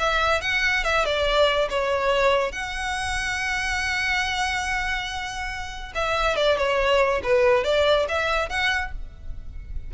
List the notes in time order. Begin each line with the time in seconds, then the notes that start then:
0.00 E5
0.42 F#5
0.84 E5
1.06 D5
1.70 C#5
2.53 F#5
5.95 E5
6.37 D5
6.58 C#5
7.24 B4
7.64 D5
8.09 E5
8.50 F#5